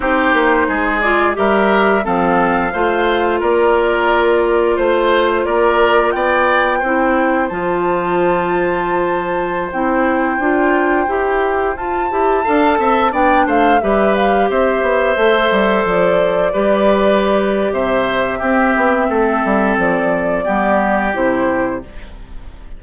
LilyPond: <<
  \new Staff \with { instrumentName = "flute" } { \time 4/4 \tempo 4 = 88 c''4. d''8 e''4 f''4~ | f''4 d''2 c''4 | d''4 g''2 a''4~ | a''2~ a''16 g''4.~ g''16~ |
g''4~ g''16 a''2 g''8 f''16~ | f''16 e''8 f''8 e''2 d''8.~ | d''2 e''2~ | e''4 d''2 c''4 | }
  \new Staff \with { instrumentName = "oboe" } { \time 4/4 g'4 gis'4 ais'4 a'4 | c''4 ais'2 c''4 | ais'4 d''4 c''2~ | c''1~ |
c''2~ c''16 f''8 e''8 d''8 c''16~ | c''16 b'4 c''2~ c''8.~ | c''16 b'4.~ b'16 c''4 g'4 | a'2 g'2 | }
  \new Staff \with { instrumentName = "clarinet" } { \time 4/4 dis'4. f'8 g'4 c'4 | f'1~ | f'2 e'4 f'4~ | f'2~ f'16 e'4 f'8.~ |
f'16 g'4 f'8 g'8 a'4 d'8.~ | d'16 g'2 a'4.~ a'16~ | a'16 g'2~ g'8. c'4~ | c'2 b4 e'4 | }
  \new Staff \with { instrumentName = "bassoon" } { \time 4/4 c'8 ais8 gis4 g4 f4 | a4 ais2 a4 | ais4 b4 c'4 f4~ | f2~ f16 c'4 d'8.~ |
d'16 e'4 f'8 e'8 d'8 c'8 b8 a16~ | a16 g4 c'8 b8 a8 g8 f8.~ | f16 g4.~ g16 c4 c'8 b8 | a8 g8 f4 g4 c4 | }
>>